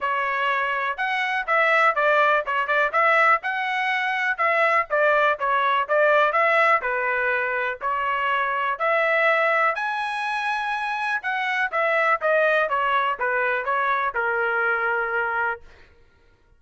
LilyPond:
\new Staff \with { instrumentName = "trumpet" } { \time 4/4 \tempo 4 = 123 cis''2 fis''4 e''4 | d''4 cis''8 d''8 e''4 fis''4~ | fis''4 e''4 d''4 cis''4 | d''4 e''4 b'2 |
cis''2 e''2 | gis''2. fis''4 | e''4 dis''4 cis''4 b'4 | cis''4 ais'2. | }